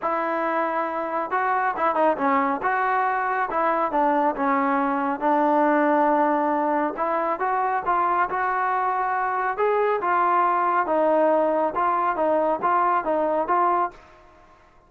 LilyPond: \new Staff \with { instrumentName = "trombone" } { \time 4/4 \tempo 4 = 138 e'2. fis'4 | e'8 dis'8 cis'4 fis'2 | e'4 d'4 cis'2 | d'1 |
e'4 fis'4 f'4 fis'4~ | fis'2 gis'4 f'4~ | f'4 dis'2 f'4 | dis'4 f'4 dis'4 f'4 | }